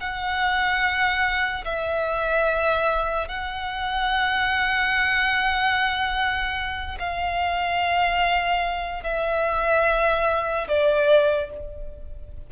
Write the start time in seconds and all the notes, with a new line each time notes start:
0.00 F#5
1.64 E5
3.28 F#5
6.99 F5
9.03 E5
10.68 D5